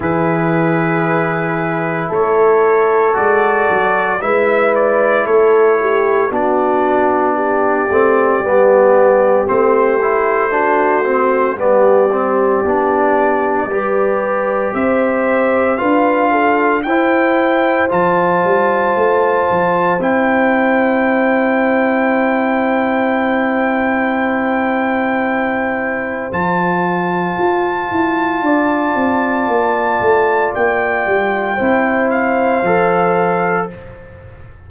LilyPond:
<<
  \new Staff \with { instrumentName = "trumpet" } { \time 4/4 \tempo 4 = 57 b'2 cis''4 d''4 | e''8 d''8 cis''4 d''2~ | d''4 c''2 d''4~ | d''2 e''4 f''4 |
g''4 a''2 g''4~ | g''1~ | g''4 a''2.~ | a''4 g''4. f''4. | }
  \new Staff \with { instrumentName = "horn" } { \time 4/4 gis'2 a'2 | b'4 a'8 g'8 fis'4 g'4~ | g'2 fis'4 g'4~ | g'4 b'4 c''4 b'8 a'8 |
c''1~ | c''1~ | c''2. d''4~ | d''2 c''2 | }
  \new Staff \with { instrumentName = "trombone" } { \time 4/4 e'2. fis'4 | e'2 d'4. c'8 | b4 c'8 e'8 d'8 c'8 b8 c'8 | d'4 g'2 f'4 |
e'4 f'2 e'4~ | e'1~ | e'4 f'2.~ | f'2 e'4 a'4 | }
  \new Staff \with { instrumentName = "tuba" } { \time 4/4 e2 a4 gis8 fis8 | gis4 a4 b4. a8 | g4 a2 g4 | b4 g4 c'4 d'4 |
e'4 f8 g8 a8 f8 c'4~ | c'1~ | c'4 f4 f'8 e'8 d'8 c'8 | ais8 a8 ais8 g8 c'4 f4 | }
>>